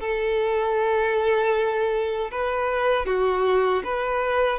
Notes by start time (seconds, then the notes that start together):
0.00 A4
2.31 B4
3.06 F#4
3.84 B4